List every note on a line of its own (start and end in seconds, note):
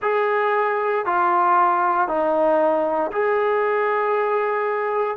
0.02 1.05 G#4
1.05 2.07 F4
2.07 3.11 D#4
3.12 5.17 G#4